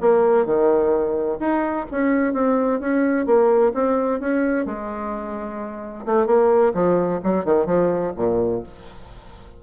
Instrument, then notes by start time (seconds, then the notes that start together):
bassoon
0.00 A#3
0.45 D#3
1.39 D#4
1.91 C#4
2.33 C4
2.80 C#4
3.26 A#3
3.74 C4
4.20 C#4
4.65 G#3
6.05 A3
6.26 A#3
6.74 F3
7.23 F#3
7.45 D#3
7.66 F3
8.16 A#2